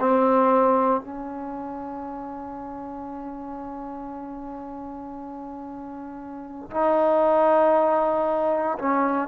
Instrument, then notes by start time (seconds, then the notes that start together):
trombone
0.00 C4
1.02 C#4
6.71 D#4
8.79 C#4